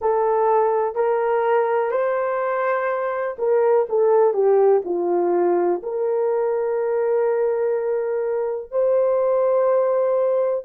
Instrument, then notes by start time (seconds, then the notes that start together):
horn
0.00 A4
0.95 A#4
1.91 C5
3.38 A#4
3.89 A4
4.33 G4
4.84 F4
5.82 A#4
8.71 C5